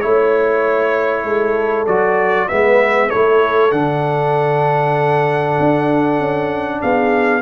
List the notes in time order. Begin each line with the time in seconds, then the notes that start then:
0.00 A3 E4 C#5
1.24 G#3 A4
1.86 F#3 F#4 D5
2.48 G#3 B3 B4 E5
3.07 E4 A4 C#5
3.14 A3
3.71 D3 D4 F#5
5.59 D4
6.19 C#4
6.80 B3 G#4 F5